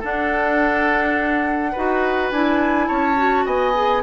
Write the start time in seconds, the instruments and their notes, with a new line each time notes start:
0.00 clarinet D4, bassoon D4, oboe A4, flute F#5
1.72 bassoon D#4, clarinet F#4, oboe B4
2.32 bassoon D4, clarinet E4, flute G#5
2.88 bassoon C#4, oboe C#5, flute A5
3.16 clarinet F#4
3.46 bassoon B3, oboe D#5, flute G#5
3.75 clarinet G#4